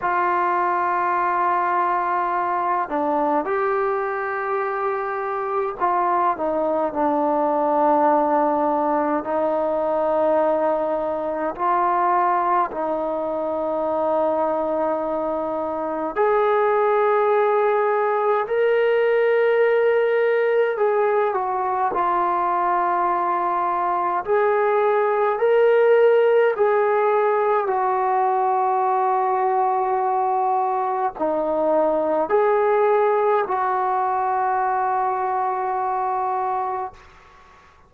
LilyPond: \new Staff \with { instrumentName = "trombone" } { \time 4/4 \tempo 4 = 52 f'2~ f'8 d'8 g'4~ | g'4 f'8 dis'8 d'2 | dis'2 f'4 dis'4~ | dis'2 gis'2 |
ais'2 gis'8 fis'8 f'4~ | f'4 gis'4 ais'4 gis'4 | fis'2. dis'4 | gis'4 fis'2. | }